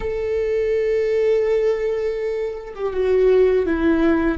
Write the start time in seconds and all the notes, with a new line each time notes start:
0.00 A4
2.74 G4
2.93 F#4
3.66 E4